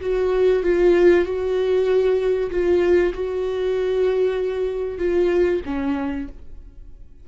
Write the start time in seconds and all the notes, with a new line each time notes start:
0.00 F#4
0.62 F4
1.25 F#4
2.50 F4
3.13 F#4
4.98 F4
5.65 C#4